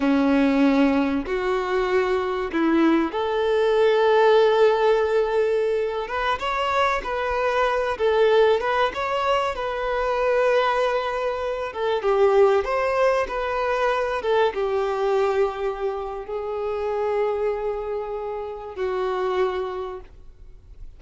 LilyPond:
\new Staff \with { instrumentName = "violin" } { \time 4/4 \tempo 4 = 96 cis'2 fis'2 | e'4 a'2.~ | a'4.~ a'16 b'8 cis''4 b'8.~ | b'8. a'4 b'8 cis''4 b'8.~ |
b'2~ b'8. a'8 g'8.~ | g'16 c''4 b'4. a'8 g'8.~ | g'2 gis'2~ | gis'2 fis'2 | }